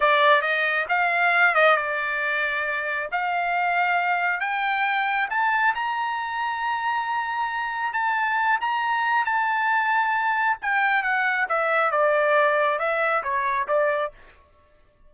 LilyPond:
\new Staff \with { instrumentName = "trumpet" } { \time 4/4 \tempo 4 = 136 d''4 dis''4 f''4. dis''8 | d''2. f''4~ | f''2 g''2 | a''4 ais''2.~ |
ais''2 a''4. ais''8~ | ais''4 a''2. | g''4 fis''4 e''4 d''4~ | d''4 e''4 cis''4 d''4 | }